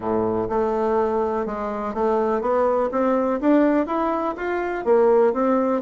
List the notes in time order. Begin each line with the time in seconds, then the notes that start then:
0.00 A2
0.49 A3
1.46 G#3
1.94 A3
2.41 B3
2.91 C4
3.40 D4
3.86 E4
4.36 F4
4.84 A#3
5.33 C4